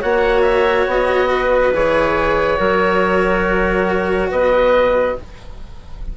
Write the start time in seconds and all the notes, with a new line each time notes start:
0.00 A#3 F#4 C#5 F#5
0.42 E5
0.87 B3 D#5
1.31 B4
1.74 E3 G#4 C#5
2.57 F#3 F#4 A#4
4.31 B3 B4 D#5